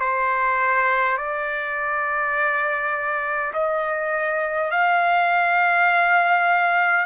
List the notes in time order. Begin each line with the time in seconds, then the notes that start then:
0.00 C5
1.18 D5
3.53 D#5
4.71 F5